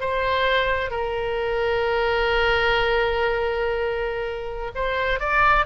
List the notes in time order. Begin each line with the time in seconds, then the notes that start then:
0.00 C5
0.91 A#4
4.75 C5
5.20 D5